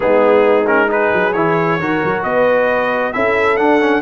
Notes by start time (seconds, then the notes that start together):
0.00 G#3 B3 D#4 G#4
0.67 C#4 A#4
0.88 D#4 G#4 B4
1.12 F#3
1.32 E3 E4 C#5
1.79 D#3 F#4 A#4
2.04 F#3
2.23 B3 B4 D#5
3.12 C#4 E4 A4 E5
3.56 D4 F#5
3.80 C#4